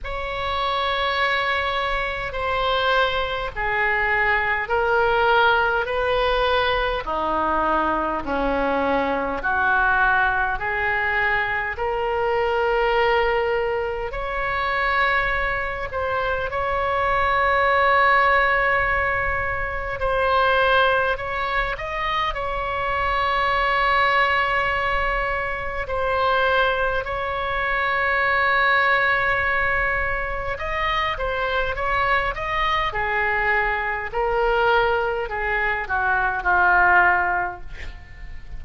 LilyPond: \new Staff \with { instrumentName = "oboe" } { \time 4/4 \tempo 4 = 51 cis''2 c''4 gis'4 | ais'4 b'4 dis'4 cis'4 | fis'4 gis'4 ais'2 | cis''4. c''8 cis''2~ |
cis''4 c''4 cis''8 dis''8 cis''4~ | cis''2 c''4 cis''4~ | cis''2 dis''8 c''8 cis''8 dis''8 | gis'4 ais'4 gis'8 fis'8 f'4 | }